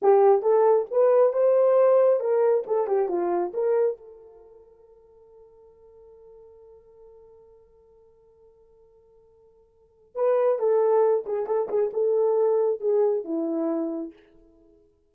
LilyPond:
\new Staff \with { instrumentName = "horn" } { \time 4/4 \tempo 4 = 136 g'4 a'4 b'4 c''4~ | c''4 ais'4 a'8 g'8 f'4 | ais'4 a'2.~ | a'1~ |
a'1~ | a'2. b'4 | a'4. gis'8 a'8 gis'8 a'4~ | a'4 gis'4 e'2 | }